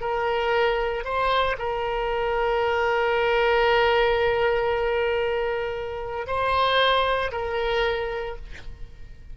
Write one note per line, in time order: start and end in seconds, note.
0.00 1.04 A#4
1.04 1.56 C5
1.58 6.27 A#4
6.27 7.31 C5
7.31 8.36 A#4